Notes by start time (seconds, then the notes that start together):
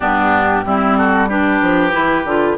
0.00 G2 B3 D4 G4
0.65 G3 C4 E4
0.97 F#4 A4
1.28 D4 G4 B4
1.61 F3
1.91 E3 E4
2.24 D3 F4